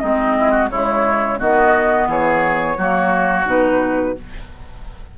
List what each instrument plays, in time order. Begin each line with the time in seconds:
0.00 bassoon G#3, clarinet C4, oboe D#4, flute D#5
0.39 oboe E4
0.51 oboe F#4
0.71 bassoon C#3, clarinet G#3, oboe E4, flute C#5
1.39 bassoon D#3, clarinet B3, oboe F#4, flute D#5
2.08 bassoon E3, oboe G#4, flute C#5
2.78 bassoon F#3, clarinet A#3, oboe F#4
3.46 bassoon B2, clarinet D#4, flute B4